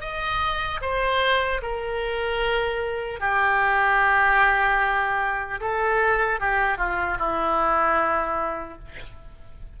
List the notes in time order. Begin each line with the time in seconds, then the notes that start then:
0.00 D#5
0.81 C5
1.62 A#4
3.20 G4
5.60 A4
6.40 G4
6.77 F4
7.18 E4